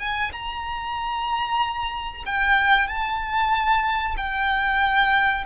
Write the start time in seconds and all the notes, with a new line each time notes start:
0.00 G#5
0.33 A#5
2.27 G5
2.88 A5
4.18 G5